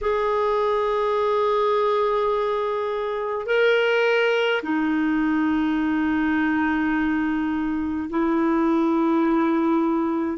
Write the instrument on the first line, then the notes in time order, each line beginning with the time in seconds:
clarinet
0.01 G#4
3.46 A#4
4.63 D#4
8.09 E4